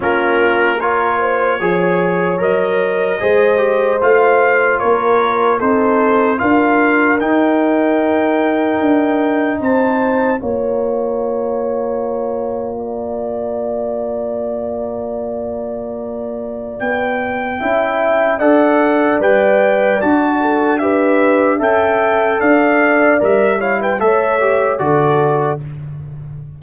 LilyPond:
<<
  \new Staff \with { instrumentName = "trumpet" } { \time 4/4 \tempo 4 = 75 ais'4 cis''2 dis''4~ | dis''4 f''4 cis''4 c''4 | f''4 g''2. | a''4 ais''2.~ |
ais''1~ | ais''4 g''2 fis''4 | g''4 a''4 e''4 g''4 | f''4 e''8 f''16 g''16 e''4 d''4 | }
  \new Staff \with { instrumentName = "horn" } { \time 4/4 f'4 ais'8 c''8 cis''2 | c''2 ais'4 a'4 | ais'1 | c''4 cis''2. |
d''1~ | d''2 e''4 d''4~ | d''4. a'8 b'4 e''4 | d''4. cis''16 b'16 cis''4 a'4 | }
  \new Staff \with { instrumentName = "trombone" } { \time 4/4 cis'4 f'4 gis'4 ais'4 | gis'8 g'8 f'2 dis'4 | f'4 dis'2.~ | dis'4 f'2.~ |
f'1~ | f'2 e'4 a'4 | b'4 fis'4 g'4 a'4~ | a'4 ais'8 e'8 a'8 g'8 fis'4 | }
  \new Staff \with { instrumentName = "tuba" } { \time 4/4 ais2 f4 fis4 | gis4 a4 ais4 c'4 | d'4 dis'2 d'4 | c'4 ais2.~ |
ais1~ | ais4 b4 cis'4 d'4 | g4 d'2 cis'4 | d'4 g4 a4 d4 | }
>>